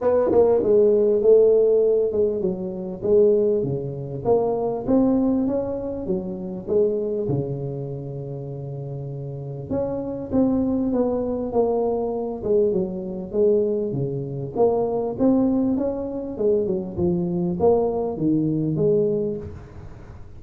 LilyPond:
\new Staff \with { instrumentName = "tuba" } { \time 4/4 \tempo 4 = 99 b8 ais8 gis4 a4. gis8 | fis4 gis4 cis4 ais4 | c'4 cis'4 fis4 gis4 | cis1 |
cis'4 c'4 b4 ais4~ | ais8 gis8 fis4 gis4 cis4 | ais4 c'4 cis'4 gis8 fis8 | f4 ais4 dis4 gis4 | }